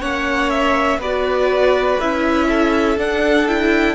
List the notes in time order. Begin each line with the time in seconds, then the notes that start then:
0.00 A#3 C#4 C#5 F#5
0.49 E5
0.98 B3 F#4 B4 D5
2.00 C#4 E4 E5
2.48 A4
2.97 D4 F#5
3.48 E4 G5